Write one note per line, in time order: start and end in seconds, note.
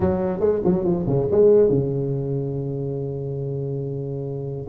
0.00 0.40 F#3
0.40 0.61 G#3
0.64 0.84 F#3
0.84 1.05 F3
1.07 1.28 C#3
1.31 1.69 G#3
1.69 4.67 C#3